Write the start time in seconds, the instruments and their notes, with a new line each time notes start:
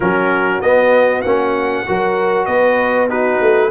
0.00 tuba F#3, trombone C#4, horn F#4, trumpet A#4
0.61 tuba B3, trombone B3, trumpet D#5
1.21 tuba A#3, trombone C#4, trumpet F#5
1.86 tuba F#3, trombone F#4, horn A#4
2.45 tuba B3, horn B4, trumpet D#5
3.08 trombone D#4, horn F#4, trumpet B4
3.40 tuba A3